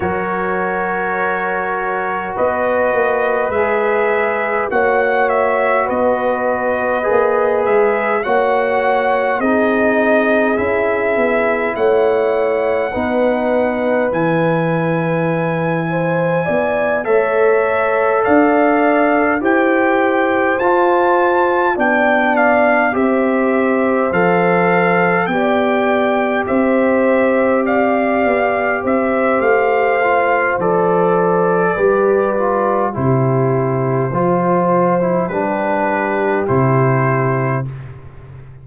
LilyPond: <<
  \new Staff \with { instrumentName = "trumpet" } { \time 4/4 \tempo 4 = 51 cis''2 dis''4 e''4 | fis''8 e''8 dis''4. e''8 fis''4 | dis''4 e''4 fis''2 | gis''2~ gis''8 e''4 f''8~ |
f''8 g''4 a''4 g''8 f''8 e''8~ | e''8 f''4 g''4 e''4 f''8~ | f''8 e''8 f''4 d''2 | c''2 b'4 c''4 | }
  \new Staff \with { instrumentName = "horn" } { \time 4/4 ais'2 b'2 | cis''4 b'2 cis''4 | gis'2 cis''4 b'4~ | b'4. c''8 d''8 cis''4 d''8~ |
d''8 c''2 d''4 c''8~ | c''4. d''4 c''4 d''8~ | d''8 c''2~ c''8 b'4 | g'4 c''4 g'2 | }
  \new Staff \with { instrumentName = "trombone" } { \time 4/4 fis'2. gis'4 | fis'2 gis'4 fis'4 | dis'4 e'2 dis'4 | e'2~ e'8 a'4.~ |
a'8 g'4 f'4 d'4 g'8~ | g'8 a'4 g'2~ g'8~ | g'4. f'8 a'4 g'8 f'8 | e'4 f'8. e'16 d'4 e'4 | }
  \new Staff \with { instrumentName = "tuba" } { \time 4/4 fis2 b8 ais8 gis4 | ais4 b4 ais8 gis8 ais4 | c'4 cis'8 b8 a4 b4 | e2 b8 a4 d'8~ |
d'8 e'4 f'4 b4 c'8~ | c'8 f4 b4 c'4. | b8 c'8 a4 f4 g4 | c4 f4 g4 c4 | }
>>